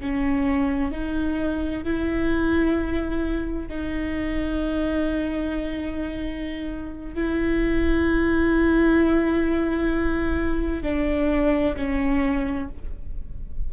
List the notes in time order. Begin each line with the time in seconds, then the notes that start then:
0.00 C#4
0.91 D#4
1.83 E4
3.68 D#4
7.14 E4
10.82 D4
11.76 C#4